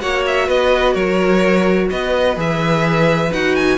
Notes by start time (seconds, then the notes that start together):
0.00 A#3 F#4 C#5 F#5
0.26 E5
0.46 B3 B4 D#5
0.93 F#3 A#4 C#5
1.90 B3 B4 D#5
2.36 E3 G#4 E5
3.33 D#4 F#4 F#5
3.56 G#5